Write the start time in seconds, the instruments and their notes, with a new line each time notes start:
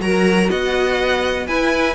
0.00 cello F#3, viola F#4, violin A#4 A#5
0.50 cello B3, violin D#5 F#5
1.47 cello E4, viola E4, violin B4 G#5